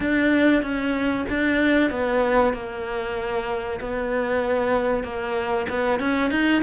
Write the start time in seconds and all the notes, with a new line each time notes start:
0.00 D4
0.62 C#4
1.29 D4
1.90 B3
2.53 A#3
3.80 B3
5.03 A#3
5.69 B3
5.99 C#4
6.30 D#4